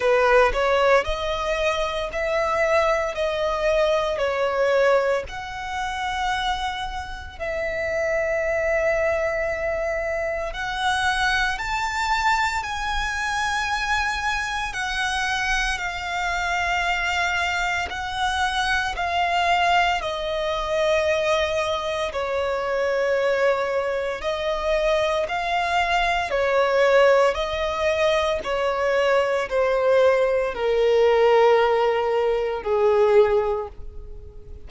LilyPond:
\new Staff \with { instrumentName = "violin" } { \time 4/4 \tempo 4 = 57 b'8 cis''8 dis''4 e''4 dis''4 | cis''4 fis''2 e''4~ | e''2 fis''4 a''4 | gis''2 fis''4 f''4~ |
f''4 fis''4 f''4 dis''4~ | dis''4 cis''2 dis''4 | f''4 cis''4 dis''4 cis''4 | c''4 ais'2 gis'4 | }